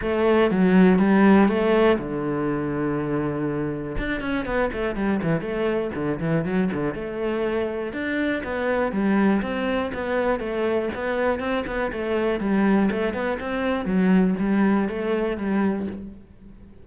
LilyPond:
\new Staff \with { instrumentName = "cello" } { \time 4/4 \tempo 4 = 121 a4 fis4 g4 a4 | d1 | d'8 cis'8 b8 a8 g8 e8 a4 | d8 e8 fis8 d8 a2 |
d'4 b4 g4 c'4 | b4 a4 b4 c'8 b8 | a4 g4 a8 b8 c'4 | fis4 g4 a4 g4 | }